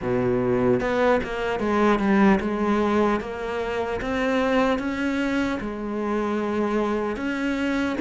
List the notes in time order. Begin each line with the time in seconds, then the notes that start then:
0.01 B2
0.80 B3
1.23 A#3
1.59 G#3
1.99 G3
2.40 G#3
3.20 A#3
4.01 C4
4.79 C#4
5.60 G#3
7.16 C#4